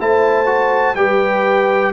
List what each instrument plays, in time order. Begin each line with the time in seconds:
0.00 tuba A3, trombone E4, horn C5, trumpet A5
0.46 trombone F#4
0.95 tuba G3, trombone G4, horn B4, trumpet G5